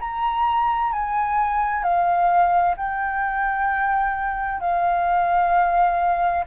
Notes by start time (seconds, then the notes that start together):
0.00 A#5
0.92 G#5
1.83 F5
2.77 G5
4.60 F5